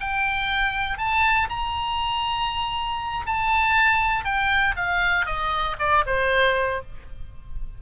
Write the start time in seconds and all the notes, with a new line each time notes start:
0.00 G5
0.98 A5
1.49 A#5
3.26 A5
4.25 G5
4.76 F5
5.26 D#5
5.79 D5
6.06 C5